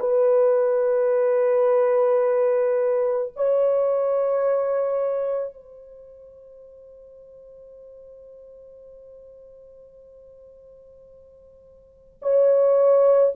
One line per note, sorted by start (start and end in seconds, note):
0.00 3.33 B4
3.36 5.54 C#5
5.54 12.21 C5
12.23 13.34 C#5